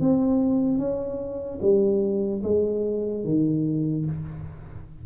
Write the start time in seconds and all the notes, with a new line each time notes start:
0.00 C4
0.78 C#4
1.61 G3
2.43 G#3
3.24 D#3